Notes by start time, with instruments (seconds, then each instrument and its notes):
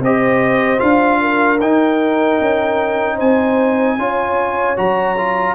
0.00 tuba C4, trombone G4, horn C5, trumpet D#5
0.79 tuba D4, trombone F4, trumpet F5
1.21 horn A#4
1.61 tuba D#4, trombone D#4, trumpet G5
2.41 tuba C#4
3.15 tuba C4, horn C5, trumpet G#5
3.98 tuba C#4, trombone F4, horn C#5
4.76 tuba F#3, trombone F#4, trumpet A#5
5.17 trombone F4